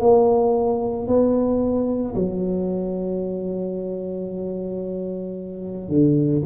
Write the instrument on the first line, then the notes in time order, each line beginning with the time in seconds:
tuba
0.00 A#3
1.07 B3
2.15 F#3
5.88 D3